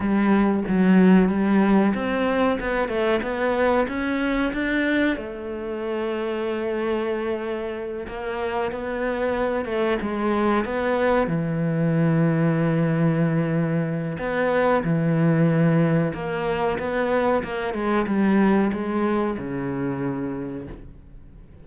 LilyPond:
\new Staff \with { instrumentName = "cello" } { \time 4/4 \tempo 4 = 93 g4 fis4 g4 c'4 | b8 a8 b4 cis'4 d'4 | a1~ | a8 ais4 b4. a8 gis8~ |
gis8 b4 e2~ e8~ | e2 b4 e4~ | e4 ais4 b4 ais8 gis8 | g4 gis4 cis2 | }